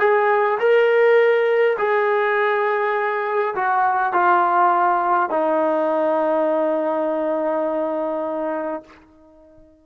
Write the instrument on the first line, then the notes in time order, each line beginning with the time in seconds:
trombone
0.00 G#4
0.60 A#4
1.79 G#4
3.55 F#4
4.13 F4
5.30 D#4